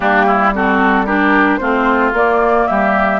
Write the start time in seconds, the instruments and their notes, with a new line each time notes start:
0.00 bassoon G3, clarinet A#3, oboe D4, flute G4
0.26 oboe E4
0.54 clarinet C4, oboe F#4, flute A4
1.05 clarinet D4, oboe G4, flute A#4
1.57 bassoon A3, clarinet C4, oboe F4, flute C5
2.12 bassoon A#3, clarinet A#3, flute D5
2.67 bassoon G3, oboe G4, flute E5